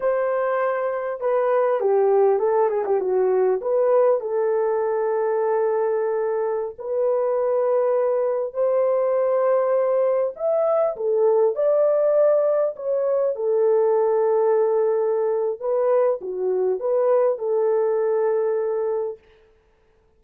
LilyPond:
\new Staff \with { instrumentName = "horn" } { \time 4/4 \tempo 4 = 100 c''2 b'4 g'4 | a'8 gis'16 g'16 fis'4 b'4 a'4~ | a'2.~ a'16 b'8.~ | b'2~ b'16 c''4.~ c''16~ |
c''4~ c''16 e''4 a'4 d''8.~ | d''4~ d''16 cis''4 a'4.~ a'16~ | a'2 b'4 fis'4 | b'4 a'2. | }